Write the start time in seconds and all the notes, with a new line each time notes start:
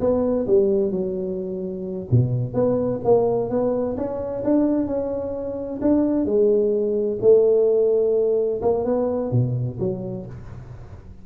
0.00 B3
0.47 G3
0.91 F#3
2.11 B2
2.54 B3
3.04 A#3
3.49 B3
3.97 C#4
4.44 D4
4.87 C#4
5.81 D4
6.25 G#3
7.21 A3
8.62 A#3
8.85 B3
9.31 B2
9.79 F#3